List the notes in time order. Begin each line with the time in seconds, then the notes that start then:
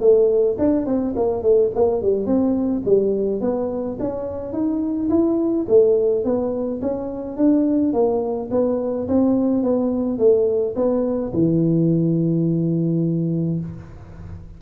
0.00 A3
0.58 D4
0.86 C4
1.16 A#3
1.42 A3
1.74 A#3
2.02 G3
2.26 C4
2.85 G3
3.41 B3
3.99 C#4
4.53 D#4
5.09 E4
5.68 A3
6.24 B3
6.81 C#4
7.37 D4
7.93 A#3
8.51 B3
9.08 C4
9.63 B3
10.18 A3
10.75 B3
11.33 E3